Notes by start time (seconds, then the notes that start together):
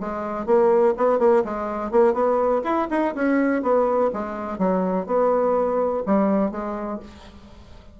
0.00 G#3
0.46 A#3
0.97 B3
1.19 A#3
1.44 G#3
1.91 A#3
2.14 B3
2.64 E4
2.90 D#4
3.15 C#4
3.62 B3
4.13 G#3
4.59 F#3
5.07 B3
6.06 G3
6.51 G#3